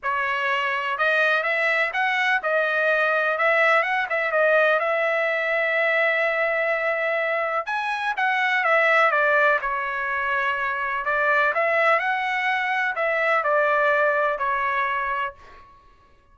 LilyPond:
\new Staff \with { instrumentName = "trumpet" } { \time 4/4 \tempo 4 = 125 cis''2 dis''4 e''4 | fis''4 dis''2 e''4 | fis''8 e''8 dis''4 e''2~ | e''1 |
gis''4 fis''4 e''4 d''4 | cis''2. d''4 | e''4 fis''2 e''4 | d''2 cis''2 | }